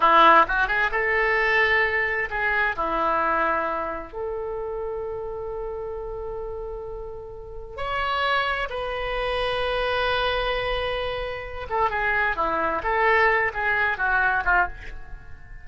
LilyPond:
\new Staff \with { instrumentName = "oboe" } { \time 4/4 \tempo 4 = 131 e'4 fis'8 gis'8 a'2~ | a'4 gis'4 e'2~ | e'4 a'2.~ | a'1~ |
a'4 cis''2 b'4~ | b'1~ | b'4. a'8 gis'4 e'4 | a'4. gis'4 fis'4 f'8 | }